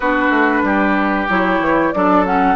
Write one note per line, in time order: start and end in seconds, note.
0.00 0.29 B3
0.00 1.29 D4
0.00 0.62 F#4
0.00 1.29 B4
0.29 0.62 A3
0.62 1.26 G3
0.62 1.94 G4
1.29 1.59 F#3
1.29 1.93 E4
1.29 1.92 C#5
1.59 1.92 E3
1.92 2.55 F#3
1.92 2.25 D4
1.92 2.55 A4
1.92 2.24 D5
2.25 2.55 C#4
2.25 2.55 F#5